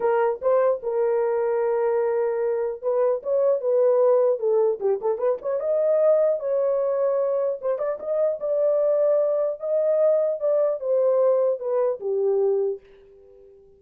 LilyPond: \new Staff \with { instrumentName = "horn" } { \time 4/4 \tempo 4 = 150 ais'4 c''4 ais'2~ | ais'2. b'4 | cis''4 b'2 a'4 | g'8 a'8 b'8 cis''8 dis''2 |
cis''2. c''8 d''8 | dis''4 d''2. | dis''2 d''4 c''4~ | c''4 b'4 g'2 | }